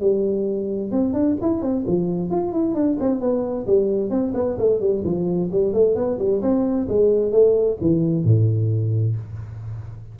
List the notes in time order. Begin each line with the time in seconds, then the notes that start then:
0.00 G3
0.91 C4
1.13 D4
1.42 E4
1.62 C4
1.87 F3
2.30 F4
2.53 E4
2.75 D4
3.00 C4
3.20 B3
3.67 G3
4.10 C4
4.34 B3
4.59 A3
4.80 G3
5.04 F3
5.52 G3
5.74 A3
5.95 B3
6.19 G3
6.42 C4
6.89 G#3
7.32 A3
7.81 E3
8.24 A2